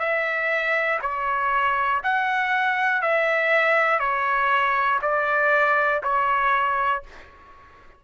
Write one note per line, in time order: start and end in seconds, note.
0.00 1.00 E5
1.02 2.02 C#5
2.04 3.02 F#5
3.02 4.00 E5
4.00 5.00 C#5
5.02 6.02 D5
6.03 7.03 C#5